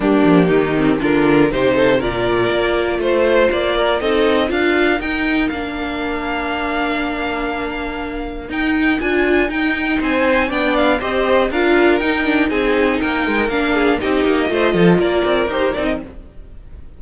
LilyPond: <<
  \new Staff \with { instrumentName = "violin" } { \time 4/4 \tempo 4 = 120 g'2 ais'4 c''4 | d''2 c''4 d''4 | dis''4 f''4 g''4 f''4~ | f''1~ |
f''4 g''4 gis''4 g''4 | gis''4 g''8 f''8 dis''4 f''4 | g''4 gis''4 g''4 f''4 | dis''2 d''4 c''8 d''16 dis''16 | }
  \new Staff \with { instrumentName = "violin" } { \time 4/4 d'4 dis'4 f'4 g'8 a'8 | ais'2 c''4. ais'8 | a'4 ais'2.~ | ais'1~ |
ais'1 | c''4 d''4 c''4 ais'4~ | ais'4 gis'4 ais'4. gis'8 | g'4 c''8 a'8 ais'2 | }
  \new Staff \with { instrumentName = "viola" } { \time 4/4 ais4. c'8 d'4 dis'4 | f'1 | dis'4 f'4 dis'4 d'4~ | d'1~ |
d'4 dis'4 f'4 dis'4~ | dis'4 d'4 g'4 f'4 | dis'8 d'8 dis'2 d'4 | dis'4 f'2 g'8 dis'8 | }
  \new Staff \with { instrumentName = "cello" } { \time 4/4 g8 f8 dis4 d4 c4 | ais,4 ais4 a4 ais4 | c'4 d'4 dis'4 ais4~ | ais1~ |
ais4 dis'4 d'4 dis'4 | c'4 b4 c'4 d'4 | dis'4 c'4 ais8 gis8 ais4 | c'8 ais8 a8 f8 ais8 c'8 dis'8 c'8 | }
>>